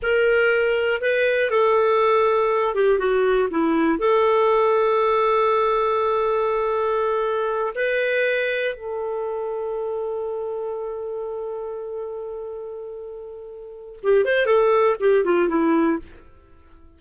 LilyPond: \new Staff \with { instrumentName = "clarinet" } { \time 4/4 \tempo 4 = 120 ais'2 b'4 a'4~ | a'4. g'8 fis'4 e'4 | a'1~ | a'2.~ a'8 b'8~ |
b'4. a'2~ a'8~ | a'1~ | a'1 | g'8 c''8 a'4 g'8 f'8 e'4 | }